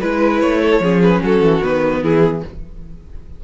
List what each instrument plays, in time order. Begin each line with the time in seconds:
0.00 cello G#3, viola E4, violin B4
0.40 cello A3, violin C#5
0.62 violin A4
0.80 cello F3, viola C#4, violin G#4
1.02 violin B4
1.22 cello F#3, violin F#4 A4
1.41 cello E3
1.63 cello D#3, viola B3, violin B4
2.02 cello E3, violin E4 G#4